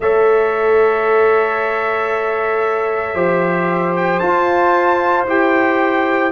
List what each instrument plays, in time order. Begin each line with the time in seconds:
0.00 tuba A3, trombone A4, horn C#5, trumpet E5
3.14 tuba F3, trombone G4, horn C5
3.96 trumpet G5
4.19 trombone F4, tuba F4, trumpet A5
5.27 tuba E4, trombone G4, trumpet G5